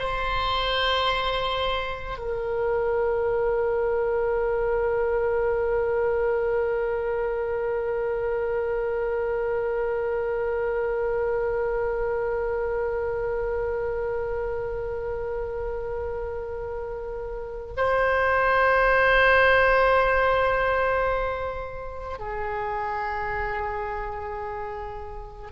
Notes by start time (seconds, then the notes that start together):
0.00 C5
2.19 A#4
17.77 C5
22.19 G#4